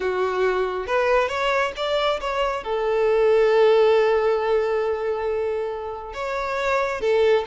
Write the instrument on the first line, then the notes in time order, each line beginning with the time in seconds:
violin
0.00 F#4
0.87 B4
1.28 C#5
1.76 D5
2.20 C#5
2.63 A4
6.13 C#5
7.00 A4